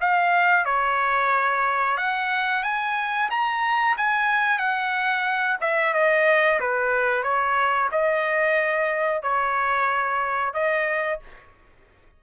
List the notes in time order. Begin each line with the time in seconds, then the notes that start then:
0.00 F5
0.65 C#5
1.97 F#5
2.63 G#5
3.30 A#5
3.97 G#5
4.58 F#5
5.61 E5
5.93 D#5
6.60 B4
7.23 C#5
7.91 D#5
9.22 C#5
10.53 D#5